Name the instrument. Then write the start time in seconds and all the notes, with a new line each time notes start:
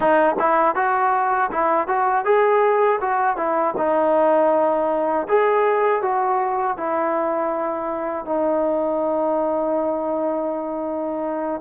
trombone
0.00 D#4
0.39 E4
0.75 F#4
1.51 E4
1.88 F#4
2.24 G#4
3.00 F#4
3.36 E4
3.77 D#4
5.28 G#4
6.02 F#4
6.77 E4
8.25 D#4